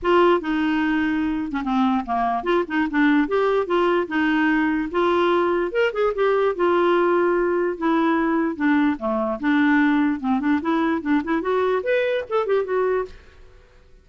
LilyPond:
\new Staff \with { instrumentName = "clarinet" } { \time 4/4 \tempo 4 = 147 f'4 dis'2~ dis'8. cis'16 | c'4 ais4 f'8 dis'8 d'4 | g'4 f'4 dis'2 | f'2 ais'8 gis'8 g'4 |
f'2. e'4~ | e'4 d'4 a4 d'4~ | d'4 c'8 d'8 e'4 d'8 e'8 | fis'4 b'4 a'8 g'8 fis'4 | }